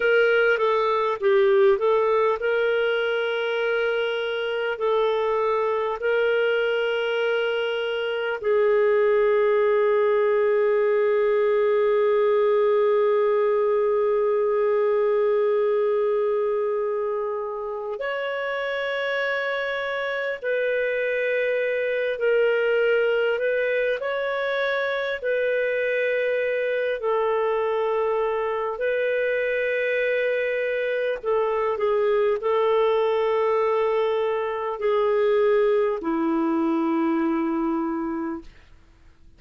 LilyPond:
\new Staff \with { instrumentName = "clarinet" } { \time 4/4 \tempo 4 = 50 ais'8 a'8 g'8 a'8 ais'2 | a'4 ais'2 gis'4~ | gis'1~ | gis'2. cis''4~ |
cis''4 b'4. ais'4 b'8 | cis''4 b'4. a'4. | b'2 a'8 gis'8 a'4~ | a'4 gis'4 e'2 | }